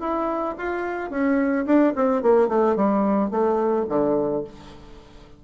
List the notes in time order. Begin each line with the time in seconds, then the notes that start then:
0.00 E4
0.58 F4
1.10 C#4
1.66 D4
1.95 C4
2.23 A#3
2.48 A3
2.76 G3
3.31 A3
3.89 D3